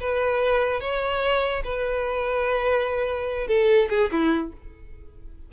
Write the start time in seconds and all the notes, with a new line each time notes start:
0.00 B4
0.81 C#5
1.64 B4
3.48 A4
3.90 G#4
4.12 E4